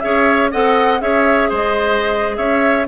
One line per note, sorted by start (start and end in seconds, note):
0.00 0.53 C#4
0.00 0.52 G#4
0.00 0.51 C#5
0.00 0.50 E5
0.51 1.01 C4
0.51 1.01 A4
0.51 1.01 D#5
0.51 1.01 F#5
1.01 1.51 C#4
1.01 2.87 G#4
1.01 1.49 C#5
1.01 1.51 E5
1.49 2.38 G#3
1.49 2.36 C5
1.49 2.37 D#5
2.37 2.87 C#4
2.37 2.87 C#5
2.37 2.86 E5